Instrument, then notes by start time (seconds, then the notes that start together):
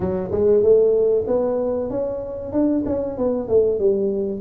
tuba
0.00 F#3
0.31 G#3
0.62 A3
1.27 B3
1.89 C#4
2.52 D4
2.86 C#4
3.17 B3
3.48 A3
3.79 G3